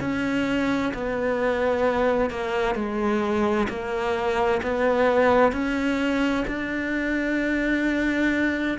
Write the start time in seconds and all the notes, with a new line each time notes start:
0.00 C#4
0.94 B3
2.30 A#3
2.75 G#3
3.69 A#3
4.62 B3
5.52 C#4
6.47 D4